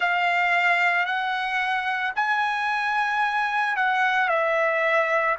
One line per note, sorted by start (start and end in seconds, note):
0.00 1.05 F5
1.05 2.12 F#5
2.15 3.76 G#5
3.76 4.28 F#5
4.28 5.35 E5